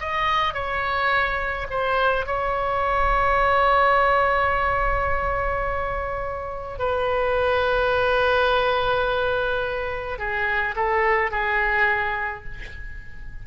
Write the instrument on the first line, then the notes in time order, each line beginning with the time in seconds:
oboe
0.00 D#5
0.54 C#5
1.71 C5
2.26 C#5
6.79 B4
10.19 G#4
10.76 A4
11.31 G#4